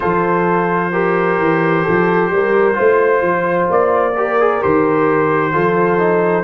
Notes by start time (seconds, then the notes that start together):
0.00 F3 F4 A4 C5
0.92 G4 A#4
1.38 E3
1.83 F3 A4
2.31 G3 A#4
2.74 A3 F4 C5
3.21 F3
3.69 A#3 D5
4.17 G4 A#4
4.39 G#4
4.61 D#3 G4 C5
5.52 F3 F4 A4
5.98 D#4